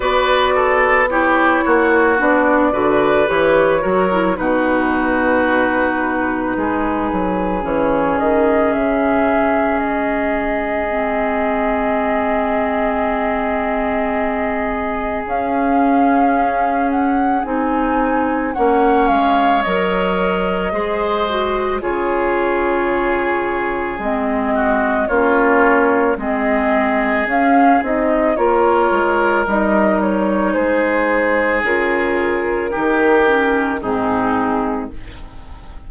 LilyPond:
<<
  \new Staff \with { instrumentName = "flute" } { \time 4/4 \tempo 4 = 55 d''4 cis''4 d''4 cis''4 | b'2. cis''8 dis''8 | e''4 dis''2.~ | dis''2 f''4. fis''8 |
gis''4 fis''8 f''8 dis''2 | cis''2 dis''4 cis''4 | dis''4 f''8 dis''8 cis''4 dis''8 cis''8 | c''4 ais'2 gis'4 | }
  \new Staff \with { instrumentName = "oboe" } { \time 4/4 b'8 a'8 g'8 fis'4 b'4 ais'8 | fis'2 gis'2~ | gis'1~ | gis'1~ |
gis'4 cis''2 c''4 | gis'2~ gis'8 fis'8 f'4 | gis'2 ais'2 | gis'2 g'4 dis'4 | }
  \new Staff \with { instrumentName = "clarinet" } { \time 4/4 fis'4 e'4 d'8 fis'8 g'8 fis'16 e'16 | dis'2. cis'4~ | cis'2 c'2~ | c'2 cis'2 |
dis'4 cis'4 ais'4 gis'8 fis'8 | f'2 c'4 cis'4 | c'4 cis'8 dis'8 f'4 dis'4~ | dis'4 f'4 dis'8 cis'8 c'4 | }
  \new Staff \with { instrumentName = "bassoon" } { \time 4/4 b4. ais8 b8 d8 e8 fis8 | b,2 gis8 fis8 e8 dis8 | cis4 gis2.~ | gis2 cis'2 |
c'4 ais8 gis8 fis4 gis4 | cis2 gis4 ais4 | gis4 cis'8 c'8 ais8 gis8 g4 | gis4 cis4 dis4 gis,4 | }
>>